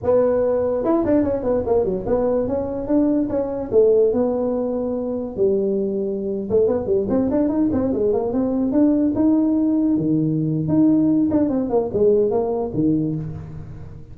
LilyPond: \new Staff \with { instrumentName = "tuba" } { \time 4/4 \tempo 4 = 146 b2 e'8 d'8 cis'8 b8 | ais8 fis8 b4 cis'4 d'4 | cis'4 a4 b2~ | b4 g2~ g8. a16~ |
a16 b8 g8 c'8 d'8 dis'8 c'8 gis8 ais16~ | ais16 c'4 d'4 dis'4.~ dis'16~ | dis'16 dis4.~ dis16 dis'4. d'8 | c'8 ais8 gis4 ais4 dis4 | }